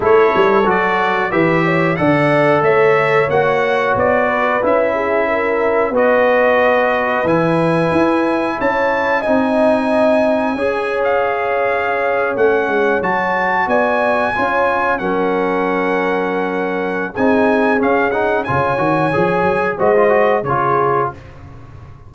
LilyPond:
<<
  \new Staff \with { instrumentName = "trumpet" } { \time 4/4 \tempo 4 = 91 cis''4 d''4 e''4 fis''4 | e''4 fis''4 d''4 e''4~ | e''4 dis''2 gis''4~ | gis''4 a''4 gis''2~ |
gis''8. f''2 fis''4 a''16~ | a''8. gis''2 fis''4~ fis''16~ | fis''2 gis''4 f''8 fis''8 | gis''2 dis''4 cis''4 | }
  \new Staff \with { instrumentName = "horn" } { \time 4/4 a'2 b'8 cis''8 d''4 | cis''2~ cis''8 b'4 gis'8 | ais'4 b'2.~ | b'4 cis''4 dis''2 |
cis''1~ | cis''8. d''4 cis''4 ais'4~ ais'16~ | ais'2 gis'2 | cis''2 c''4 gis'4 | }
  \new Staff \with { instrumentName = "trombone" } { \time 4/4 e'4 fis'4 g'4 a'4~ | a'4 fis'2 e'4~ | e'4 fis'2 e'4~ | e'2 dis'2 |
gis'2~ gis'8. cis'4 fis'16~ | fis'4.~ fis'16 f'4 cis'4~ cis'16~ | cis'2 dis'4 cis'8 dis'8 | f'8 fis'8 gis'4 fis'16 f'16 fis'8 f'4 | }
  \new Staff \with { instrumentName = "tuba" } { \time 4/4 a8 g8 fis4 e4 d4 | a4 ais4 b4 cis'4~ | cis'4 b2 e4 | e'4 cis'4 c'2 |
cis'2~ cis'8. a8 gis8 fis16~ | fis8. b4 cis'4 fis4~ fis16~ | fis2 c'4 cis'4 | cis8 dis8 f8 fis8 gis4 cis4 | }
>>